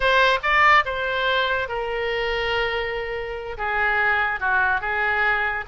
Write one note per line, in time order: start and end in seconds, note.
0.00 0.38 C5
0.42 0.84 D5
0.85 1.68 C5
1.68 3.57 A#4
3.57 4.39 G#4
4.39 4.80 F#4
4.80 5.64 G#4